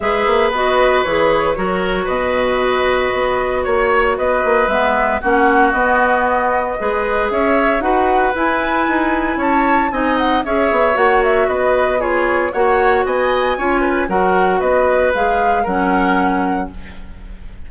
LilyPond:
<<
  \new Staff \with { instrumentName = "flute" } { \time 4/4 \tempo 4 = 115 e''4 dis''4 cis''2 | dis''2. cis''4 | dis''4 e''4 fis''4 dis''4~ | dis''2 e''4 fis''4 |
gis''2 a''4 gis''8 fis''8 | e''4 fis''8 e''8 dis''4 cis''4 | fis''4 gis''2 fis''4 | dis''4 f''4 fis''2 | }
  \new Staff \with { instrumentName = "oboe" } { \time 4/4 b'2. ais'4 | b'2. cis''4 | b'2 fis'2~ | fis'4 b'4 cis''4 b'4~ |
b'2 cis''4 dis''4 | cis''2 b'4 gis'4 | cis''4 dis''4 cis''8 b'8 ais'4 | b'2 ais'2 | }
  \new Staff \with { instrumentName = "clarinet" } { \time 4/4 gis'4 fis'4 gis'4 fis'4~ | fis'1~ | fis'4 b4 cis'4 b4~ | b4 gis'2 fis'4 |
e'2. dis'4 | gis'4 fis'2 f'4 | fis'2 f'4 fis'4~ | fis'4 gis'4 cis'2 | }
  \new Staff \with { instrumentName = "bassoon" } { \time 4/4 gis8 ais8 b4 e4 fis4 | b,2 b4 ais4 | b8 ais8 gis4 ais4 b4~ | b4 gis4 cis'4 dis'4 |
e'4 dis'4 cis'4 c'4 | cis'8 b8 ais4 b2 | ais4 b4 cis'4 fis4 | b4 gis4 fis2 | }
>>